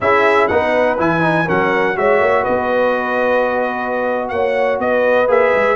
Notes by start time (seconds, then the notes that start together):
0.00 C#4 E4 G#4 E5
0.47 B3 D#4 B4 F#5
0.98 E3 E4 G#5
1.20 D#4
1.46 F#3 C#4 A#4 F#5
1.95 G#3 F#4 C#5 E5
2.20 A#3
2.42 B4 D#5
2.48 B3
4.29 A#3 C#5 F#5
4.78 B3 B4 D#5
5.27 A#3 G#4 E5
5.53 G#3